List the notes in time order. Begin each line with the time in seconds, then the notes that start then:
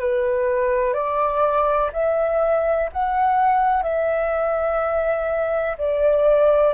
0.00 B4
0.94 D5
1.93 E5
2.93 F#5
3.83 E5
5.78 D5